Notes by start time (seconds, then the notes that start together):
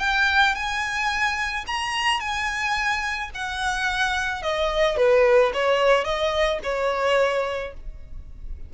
0.00 G5
0.55 G#5
1.67 A#5
2.20 G#5
3.35 F#5
4.43 D#5
4.97 B4
5.54 C#5
6.05 D#5
6.64 C#5